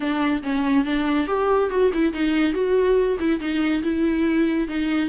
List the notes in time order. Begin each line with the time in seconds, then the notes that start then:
0.00 D4
0.42 C#4
0.84 D4
1.27 G4
1.70 F#4
1.93 E4
2.13 D#4
2.53 F#4
3.19 E4
3.39 D#4
3.82 E4
4.68 D#4